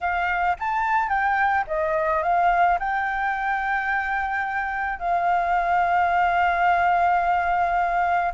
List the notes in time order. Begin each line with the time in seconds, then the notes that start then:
0.00 F5
0.59 A5
1.08 G5
1.67 D#5
2.22 F5
2.79 G5
4.99 F5